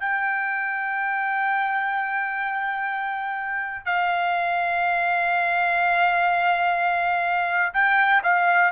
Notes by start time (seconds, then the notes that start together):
0.00 G5
3.86 F5
7.74 G5
8.23 F5